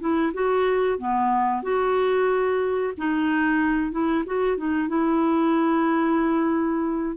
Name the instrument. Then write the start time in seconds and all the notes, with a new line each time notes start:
clarinet
0.00 E4
0.33 F#4
0.99 B3
1.63 F#4
2.98 D#4
3.92 E4
4.26 F#4
4.57 D#4
4.89 E4